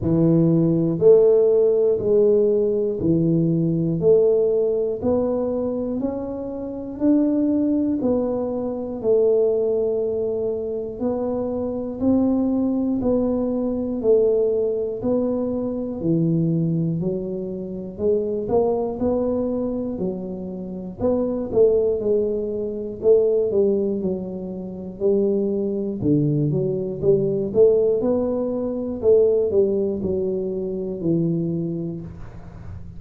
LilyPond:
\new Staff \with { instrumentName = "tuba" } { \time 4/4 \tempo 4 = 60 e4 a4 gis4 e4 | a4 b4 cis'4 d'4 | b4 a2 b4 | c'4 b4 a4 b4 |
e4 fis4 gis8 ais8 b4 | fis4 b8 a8 gis4 a8 g8 | fis4 g4 d8 fis8 g8 a8 | b4 a8 g8 fis4 e4 | }